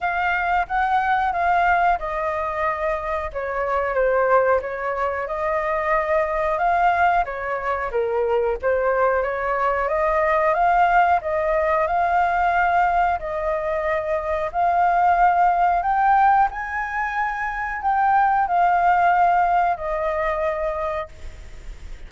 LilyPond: \new Staff \with { instrumentName = "flute" } { \time 4/4 \tempo 4 = 91 f''4 fis''4 f''4 dis''4~ | dis''4 cis''4 c''4 cis''4 | dis''2 f''4 cis''4 | ais'4 c''4 cis''4 dis''4 |
f''4 dis''4 f''2 | dis''2 f''2 | g''4 gis''2 g''4 | f''2 dis''2 | }